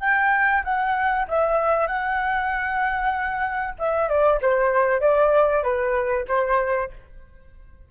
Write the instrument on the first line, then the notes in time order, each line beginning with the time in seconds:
flute
0.00 G5
0.64 F#5
1.28 E5
1.87 F#5
3.78 E5
4.08 D5
4.41 C5
5.01 D5
5.63 B4
6.28 C5